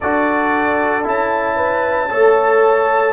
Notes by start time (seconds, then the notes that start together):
0.00 D4 F#4 A4 D5
1.03 C#4 E4 A5
1.55 B4
2.09 A3 A4 C#5